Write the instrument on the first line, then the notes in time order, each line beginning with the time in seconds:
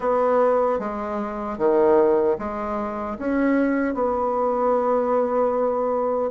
bassoon
0.00 B3
0.79 G#3
1.58 D#3
2.38 G#3
3.18 C#4
3.94 B3